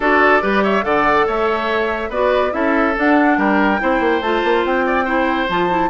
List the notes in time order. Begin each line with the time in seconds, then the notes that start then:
0.00 D4 F#4 A4 D5
0.41 G3 G4 B4
0.63 C#5 E5
0.82 D3 A4 D5 F#5
1.26 A3 C#5 E5
2.09 B3 F#4 B4 D5
2.51 C#4 E4 A4 E5
2.96 D4 F#5
3.37 G3 A#4 G5
3.78 C4 E4 C5
4.00 A#3
4.20 A3 F4 A5
4.44 A#3
4.64 C4 G5
4.86 D5
5.04 E4 C5
5.48 F3 F4 A5
5.69 E4